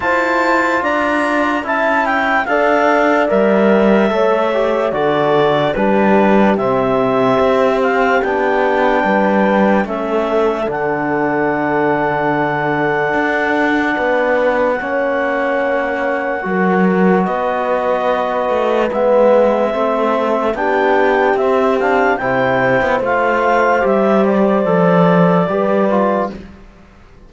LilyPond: <<
  \new Staff \with { instrumentName = "clarinet" } { \time 4/4 \tempo 4 = 73 a''4 ais''4 a''8 g''8 f''4 | e''2 d''4 b'4 | e''4. f''8 g''2 | e''4 fis''2.~ |
fis''1~ | fis''4 dis''2 e''4~ | e''4 g''4 e''8 f''8 g''4 | f''4 e''8 d''2~ d''8 | }
  \new Staff \with { instrumentName = "horn" } { \time 4/4 c''4 d''4 e''4 d''4~ | d''4 cis''4 a'4 g'4~ | g'2. b'4 | a'1~ |
a'4 b'4 cis''2 | ais'4 b'2. | a'4 g'2 c''4~ | c''2. b'4 | }
  \new Staff \with { instrumentName = "trombone" } { \time 4/4 f'2 e'4 a'4 | ais'4 a'8 g'8 fis'4 d'4 | c'2 d'2 | cis'4 d'2.~ |
d'2 cis'2 | fis'2. b4 | c'4 d'4 c'8 d'8 e'4 | f'4 g'4 a'4 g'8 f'8 | }
  \new Staff \with { instrumentName = "cello" } { \time 4/4 e'4 d'4 cis'4 d'4 | g4 a4 d4 g4 | c4 c'4 b4 g4 | a4 d2. |
d'4 b4 ais2 | fis4 b4. a8 gis4 | a4 b4 c'4 c8. b16 | a4 g4 f4 g4 | }
>>